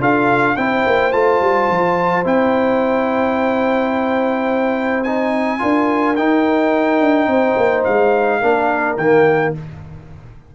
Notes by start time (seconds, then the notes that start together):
0.00 D4 F4 A4 F5
0.56 C4 E4 C5 G5
0.86 A#3
1.12 A3 F4 A5
1.41 G3
1.69 F3
2.24 C4 E4 G5
5.03 D#4 G#5
5.59 D4 F4 A#4
6.16 D#4 G5
7.01 D4
7.27 C4 C5
7.57 A#3
7.84 G#3 F5
8.40 A#3 D4 A#4
8.97 D#3 A#3 G5